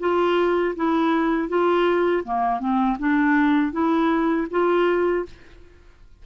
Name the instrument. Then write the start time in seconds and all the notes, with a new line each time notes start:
clarinet
0.00 F4
0.76 E4
1.49 F4
2.25 A#3
2.60 C4
2.99 D4
3.73 E4
4.51 F4